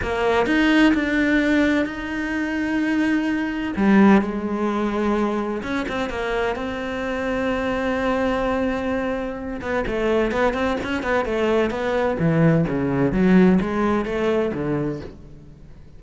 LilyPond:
\new Staff \with { instrumentName = "cello" } { \time 4/4 \tempo 4 = 128 ais4 dis'4 d'2 | dis'1 | g4 gis2. | cis'8 c'8 ais4 c'2~ |
c'1~ | c'8 b8 a4 b8 c'8 cis'8 b8 | a4 b4 e4 cis4 | fis4 gis4 a4 d4 | }